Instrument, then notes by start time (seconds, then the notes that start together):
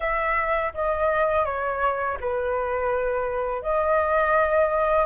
flute
0.00 E5
0.74 D#5
1.45 C#5
2.20 B4
3.62 D#5